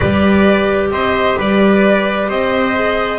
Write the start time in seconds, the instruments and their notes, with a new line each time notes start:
0.00 double bass G3, clarinet G4, trumpet B4, violin D5
0.90 double bass C4, trumpet C5, violin D#5
1.38 double bass G3, trumpet B4, violin D5
2.28 double bass C4, trumpet C5, violin D#5
2.75 clarinet G#4